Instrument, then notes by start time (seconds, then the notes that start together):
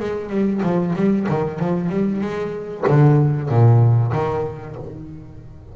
double bass
0.00 G#3
0.30 G3
0.63 F3
0.95 G3
1.29 D#3
1.60 F3
1.90 G3
2.21 G#3
2.87 D3
3.49 A#2
4.13 D#3